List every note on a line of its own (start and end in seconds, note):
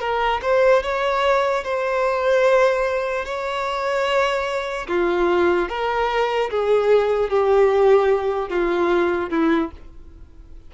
0.00 0.41 A#4
0.42 0.83 C5
0.83 1.64 C#5
1.64 3.25 C5
3.25 4.87 C#5
4.88 5.69 F4
5.69 6.50 A#4
6.50 7.30 G#4
7.30 8.49 G4
8.49 9.30 F4
9.30 9.71 E4